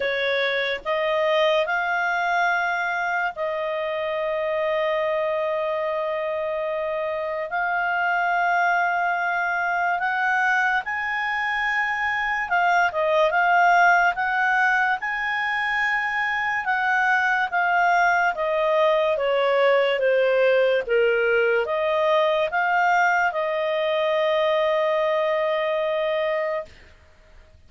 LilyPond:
\new Staff \with { instrumentName = "clarinet" } { \time 4/4 \tempo 4 = 72 cis''4 dis''4 f''2 | dis''1~ | dis''4 f''2. | fis''4 gis''2 f''8 dis''8 |
f''4 fis''4 gis''2 | fis''4 f''4 dis''4 cis''4 | c''4 ais'4 dis''4 f''4 | dis''1 | }